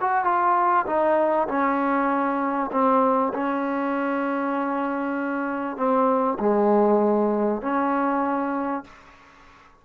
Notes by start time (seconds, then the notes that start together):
0.00 F#4
0.24 F4
0.86 D#4
1.47 C#4
2.71 C4
3.33 C#4
5.77 C4
6.39 G#3
7.61 C#4